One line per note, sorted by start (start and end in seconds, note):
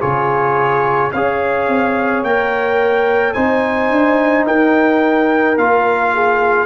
0.00 1.14 C#3
0.00 1.11 F4
0.00 1.11 G#4
0.00 1.12 C#5
1.12 1.68 C#4
1.12 2.27 G#4
1.12 3.35 C#5
1.12 2.23 F5
1.68 2.23 C4
2.23 3.34 A#3
2.23 3.35 A#4
2.23 3.34 G5
3.34 3.90 C4
3.34 5.57 D#4
3.34 4.46 C5
3.34 4.45 G#5
3.90 4.45 D4
4.46 5.57 D#4
4.46 6.13 A#4
4.46 5.58 G5
5.57 6.66 A#3
5.57 6.66 F4
5.57 6.66 F5
6.14 6.66 G#4